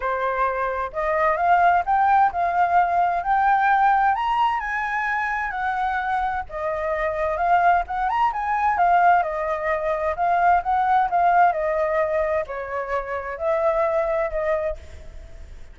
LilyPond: \new Staff \with { instrumentName = "flute" } { \time 4/4 \tempo 4 = 130 c''2 dis''4 f''4 | g''4 f''2 g''4~ | g''4 ais''4 gis''2 | fis''2 dis''2 |
f''4 fis''8 ais''8 gis''4 f''4 | dis''2 f''4 fis''4 | f''4 dis''2 cis''4~ | cis''4 e''2 dis''4 | }